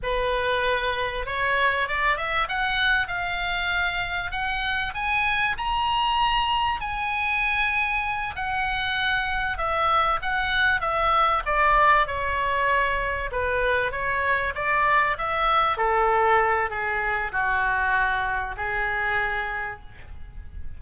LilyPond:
\new Staff \with { instrumentName = "oboe" } { \time 4/4 \tempo 4 = 97 b'2 cis''4 d''8 e''8 | fis''4 f''2 fis''4 | gis''4 ais''2 gis''4~ | gis''4. fis''2 e''8~ |
e''8 fis''4 e''4 d''4 cis''8~ | cis''4. b'4 cis''4 d''8~ | d''8 e''4 a'4. gis'4 | fis'2 gis'2 | }